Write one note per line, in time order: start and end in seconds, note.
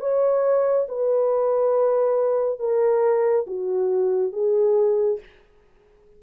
0.00 0.87 C#5
0.89 2.60 B4
2.60 3.47 A#4
3.47 4.33 F#4
4.33 5.20 G#4